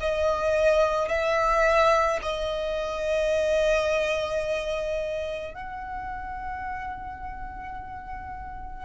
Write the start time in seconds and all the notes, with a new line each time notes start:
0.00 D#5
1.09 E5
2.22 D#5
5.55 F#5